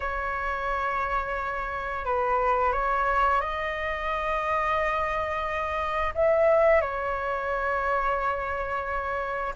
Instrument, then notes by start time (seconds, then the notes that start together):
flute
0.00 C#5
2.05 B4
2.72 C#5
3.40 D#5
6.14 E5
6.81 C#5